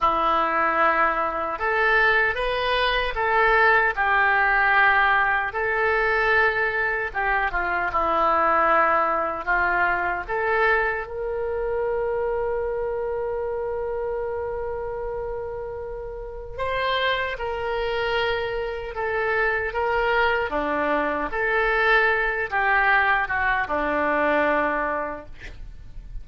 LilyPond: \new Staff \with { instrumentName = "oboe" } { \time 4/4 \tempo 4 = 76 e'2 a'4 b'4 | a'4 g'2 a'4~ | a'4 g'8 f'8 e'2 | f'4 a'4 ais'2~ |
ais'1~ | ais'4 c''4 ais'2 | a'4 ais'4 d'4 a'4~ | a'8 g'4 fis'8 d'2 | }